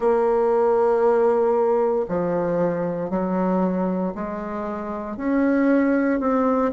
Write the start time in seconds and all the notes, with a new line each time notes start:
0.00 A#3
2.08 F3
3.10 F#3
4.14 G#3
5.17 C#4
6.20 C4